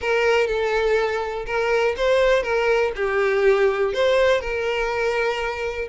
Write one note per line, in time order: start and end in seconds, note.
0.01 0.47 A#4
0.47 1.45 A4
1.46 1.95 A#4
1.96 2.42 C5
2.42 2.92 A#4
2.95 3.93 G4
3.93 4.40 C5
4.40 5.88 A#4